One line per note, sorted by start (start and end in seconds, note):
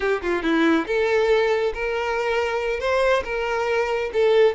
0.00 0.21 G4
0.21 0.42 F4
0.42 0.86 E4
0.86 1.73 A4
1.73 2.80 A#4
2.80 3.23 C5
3.24 4.10 A#4
4.13 4.55 A4